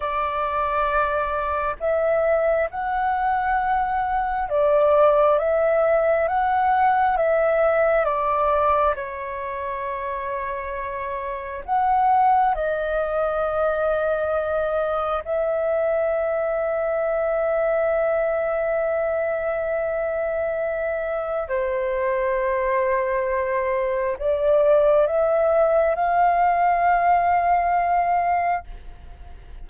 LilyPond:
\new Staff \with { instrumentName = "flute" } { \time 4/4 \tempo 4 = 67 d''2 e''4 fis''4~ | fis''4 d''4 e''4 fis''4 | e''4 d''4 cis''2~ | cis''4 fis''4 dis''2~ |
dis''4 e''2.~ | e''1 | c''2. d''4 | e''4 f''2. | }